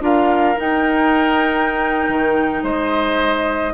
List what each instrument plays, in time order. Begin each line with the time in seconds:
0.00 bassoon D4, clarinet F4, oboe A#4, flute F5
0.56 clarinet D#4, bassoon D#4, flute G5
2.08 bassoon D#3
2.62 bassoon G#3, oboe C5, flute D#5